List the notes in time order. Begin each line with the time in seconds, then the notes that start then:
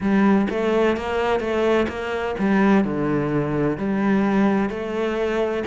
0.00 G3
0.49 A3
0.96 A#3
1.39 A3
1.88 A#3
2.38 G3
2.84 D3
3.78 G3
4.69 A3